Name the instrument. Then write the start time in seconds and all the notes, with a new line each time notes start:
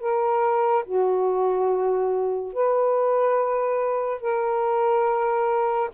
saxophone
0.00 A#4
0.85 F#4
2.54 B4
4.21 A#4